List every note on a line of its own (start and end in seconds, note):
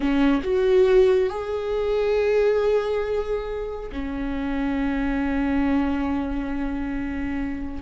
0.00 0.42 C#4
0.43 1.29 F#4
1.29 3.90 G#4
3.92 7.82 C#4